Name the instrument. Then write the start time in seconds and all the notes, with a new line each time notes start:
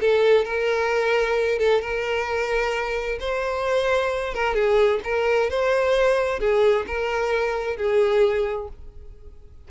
violin
0.00 A4
0.45 A#4
1.59 A4
1.81 A#4
3.20 C5
4.34 A#4
4.54 G#4
5.04 A#4
5.50 C5
6.39 G#4
6.86 A#4
7.77 G#4